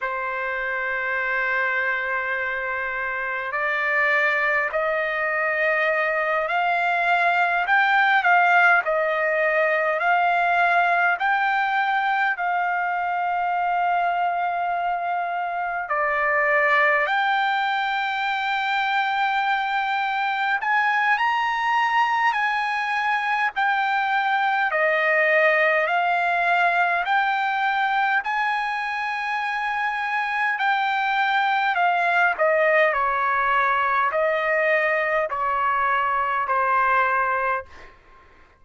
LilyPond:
\new Staff \with { instrumentName = "trumpet" } { \time 4/4 \tempo 4 = 51 c''2. d''4 | dis''4. f''4 g''8 f''8 dis''8~ | dis''8 f''4 g''4 f''4.~ | f''4. d''4 g''4.~ |
g''4. gis''8 ais''4 gis''4 | g''4 dis''4 f''4 g''4 | gis''2 g''4 f''8 dis''8 | cis''4 dis''4 cis''4 c''4 | }